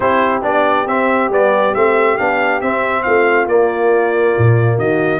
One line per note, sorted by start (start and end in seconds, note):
0.00 0.43 C4
0.00 0.42 E4
0.00 3.03 G4
0.00 0.42 C5
0.42 0.86 B3
0.42 0.85 D4
0.42 0.87 D5
0.86 1.29 C4
0.86 1.31 C4
0.86 1.31 E5
1.29 1.72 G3
1.29 1.74 B3
1.29 1.74 D5
1.74 2.18 A3
1.74 2.18 C4
1.74 2.17 E5
2.17 2.61 B3
2.17 2.61 D4
2.17 2.61 F5
2.61 3.05 C4
2.61 3.48 C4
2.61 3.03 E5
3.03 3.46 A3
3.03 4.76 F4
3.03 3.46 F5
3.46 4.33 A#3
3.46 5.19 A#3
3.46 4.78 D5
4.37 4.78 A#2
4.76 5.19 D#3
4.76 5.19 F#4
4.76 5.19 D#5